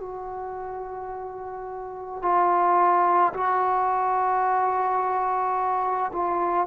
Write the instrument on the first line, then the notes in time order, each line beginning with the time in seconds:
trombone
0.00 F#4
2.22 F4
3.34 F#4
6.13 F4